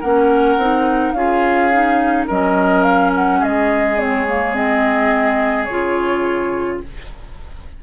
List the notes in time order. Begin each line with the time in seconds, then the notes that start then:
0.00 A#3 C#4 A#4 F#5
0.57 C4 D#4
1.12 C#4 F4 G#4 F5
1.71 D#4
2.27 F#3 C#4 A#4 D#5
2.83 F5
3.15 F#5
3.40 G#3 G#4 D#5
3.98 C4 C#5
4.28 A#3
4.54 C4 D#5
5.64 C#3 F4 C#5